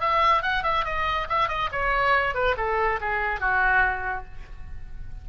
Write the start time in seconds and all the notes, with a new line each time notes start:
0.00 E5
0.42 F#5
0.63 E5
0.85 D#5
1.29 E5
1.48 D#5
1.72 C#5
2.34 B4
2.57 A4
3.01 G#4
3.39 F#4